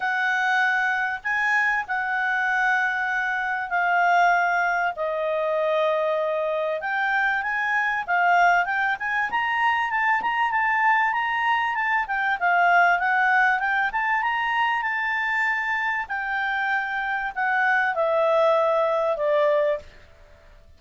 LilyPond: \new Staff \with { instrumentName = "clarinet" } { \time 4/4 \tempo 4 = 97 fis''2 gis''4 fis''4~ | fis''2 f''2 | dis''2. g''4 | gis''4 f''4 g''8 gis''8 ais''4 |
a''8 ais''8 a''4 ais''4 a''8 g''8 | f''4 fis''4 g''8 a''8 ais''4 | a''2 g''2 | fis''4 e''2 d''4 | }